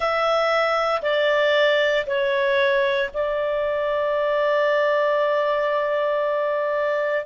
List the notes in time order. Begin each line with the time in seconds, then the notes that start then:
0.00 E5
1.02 D5
2.06 C#5
3.13 D5